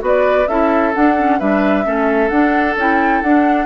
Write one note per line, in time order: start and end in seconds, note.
0.00 0.47 B3
0.00 0.46 F#4
0.00 0.49 B4
0.07 0.48 D5
0.48 0.94 C#4
0.48 0.94 E4
0.48 1.40 A4
0.48 0.94 E5
0.94 1.17 D4
0.94 1.41 D4
0.94 1.40 F#5
1.18 1.40 C#4
1.40 1.86 G3
1.40 1.85 D4
1.40 1.85 B4
1.40 2.29 E5
1.85 2.31 A3
1.85 2.30 C#4
1.85 3.66 A4
2.29 2.76 D4
2.29 2.77 D4
2.29 2.75 F#5
2.76 3.22 C#4
2.76 3.25 E4
2.76 3.22 G5
3.22 3.66 D4
3.22 3.66 F#5